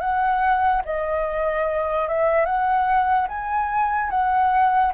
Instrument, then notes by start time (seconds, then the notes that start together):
flute
0.00 F#5
0.85 D#5
2.08 E5
2.45 F#5
3.28 G#5
4.10 F#5